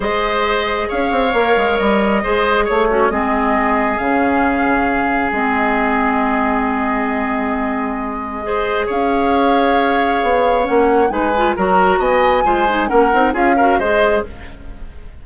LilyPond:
<<
  \new Staff \with { instrumentName = "flute" } { \time 4/4 \tempo 4 = 135 dis''2 f''2 | dis''2 cis''4 dis''4~ | dis''4 f''2. | dis''1~ |
dis''1 | f''1 | fis''4 gis''4 ais''4 gis''4~ | gis''4 fis''4 f''4 dis''4 | }
  \new Staff \with { instrumentName = "oboe" } { \time 4/4 c''2 cis''2~ | cis''4 c''4 cis''8 cis'8 gis'4~ | gis'1~ | gis'1~ |
gis'2. c''4 | cis''1~ | cis''4 b'4 ais'4 dis''4 | c''4 ais'4 gis'8 ais'8 c''4 | }
  \new Staff \with { instrumentName = "clarinet" } { \time 4/4 gis'2. ais'4~ | ais'4 gis'4. fis'8 c'4~ | c'4 cis'2. | c'1~ |
c'2. gis'4~ | gis'1 | cis'4 dis'8 f'8 fis'2 | f'8 dis'8 cis'8 dis'8 f'8 fis'8 gis'4 | }
  \new Staff \with { instrumentName = "bassoon" } { \time 4/4 gis2 cis'8 c'8 ais8 gis8 | g4 gis4 a4 gis4~ | gis4 cis2. | gis1~ |
gis1 | cis'2. b4 | ais4 gis4 fis4 b4 | gis4 ais8 c'8 cis'4 gis4 | }
>>